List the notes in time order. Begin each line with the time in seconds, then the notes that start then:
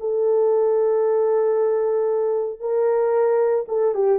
0.00 A4
2.60 A#4
3.68 A4
3.94 G4